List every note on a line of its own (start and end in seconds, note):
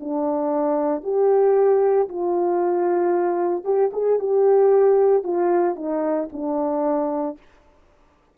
0.00 1.03 D4
1.03 2.09 G4
2.09 3.65 F4
3.65 3.91 G4
3.93 4.19 G#4
4.19 5.24 G4
5.24 5.76 F4
5.76 6.28 D#4
6.33 7.38 D4